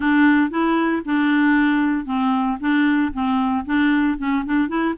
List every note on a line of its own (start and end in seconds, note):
0.00 0.50 D4
0.50 1.02 E4
1.05 2.05 D4
2.05 2.58 C4
2.60 3.12 D4
3.13 3.65 C4
3.65 4.17 D4
4.18 4.44 C#4
4.45 4.68 D4
4.68 4.94 E4